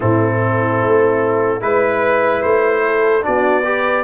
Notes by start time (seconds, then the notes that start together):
0.00 A2 C4 E4 A4
0.82 A3
1.60 G#3 E4 B4
2.42 A3 C5
2.85 A4
3.21 B3 D4 F#4 D5
3.64 G4 B4